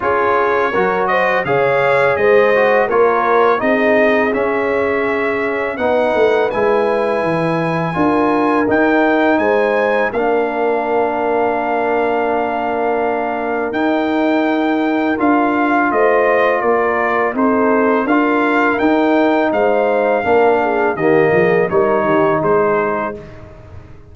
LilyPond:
<<
  \new Staff \with { instrumentName = "trumpet" } { \time 4/4 \tempo 4 = 83 cis''4. dis''8 f''4 dis''4 | cis''4 dis''4 e''2 | fis''4 gis''2. | g''4 gis''4 f''2~ |
f''2. g''4~ | g''4 f''4 dis''4 d''4 | c''4 f''4 g''4 f''4~ | f''4 dis''4 cis''4 c''4 | }
  \new Staff \with { instrumentName = "horn" } { \time 4/4 gis'4 ais'8 c''8 cis''4 c''4 | ais'4 gis'2. | b'2. ais'4~ | ais'4 c''4 ais'2~ |
ais'1~ | ais'2 c''4 ais'4 | a'4 ais'2 c''4 | ais'8 gis'8 g'8 gis'8 ais'8 g'8 gis'4 | }
  \new Staff \with { instrumentName = "trombone" } { \time 4/4 f'4 fis'4 gis'4. fis'8 | f'4 dis'4 cis'2 | dis'4 e'2 f'4 | dis'2 d'2~ |
d'2. dis'4~ | dis'4 f'2. | dis'4 f'4 dis'2 | d'4 ais4 dis'2 | }
  \new Staff \with { instrumentName = "tuba" } { \time 4/4 cis'4 fis4 cis4 gis4 | ais4 c'4 cis'2 | b8 a8 gis4 e4 d'4 | dis'4 gis4 ais2~ |
ais2. dis'4~ | dis'4 d'4 a4 ais4 | c'4 d'4 dis'4 gis4 | ais4 dis8 f8 g8 dis8 gis4 | }
>>